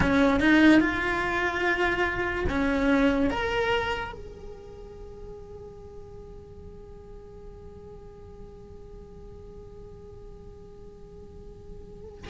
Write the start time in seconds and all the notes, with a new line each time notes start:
0.00 C#4
0.40 D#4
0.80 F4
2.49 C#4
3.30 A#4
4.12 G#4